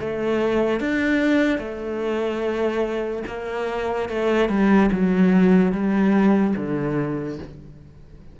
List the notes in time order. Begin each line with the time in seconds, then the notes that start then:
0.00 A3
0.80 D4
1.58 A3
3.27 A#3
4.09 A3
4.48 G3
4.92 F#3
5.72 G3
6.56 D3